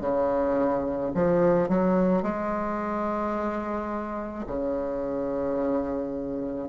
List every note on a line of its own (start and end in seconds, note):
0.00 1.11 C#3
1.14 1.68 F3
1.68 2.22 F#3
2.22 4.44 G#3
4.47 6.68 C#3